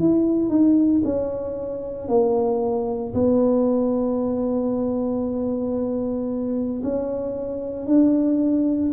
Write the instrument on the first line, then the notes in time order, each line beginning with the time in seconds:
tuba
0.00 E4
0.50 D#4
1.05 C#4
2.09 A#3
3.14 B3
6.84 C#4
7.87 D4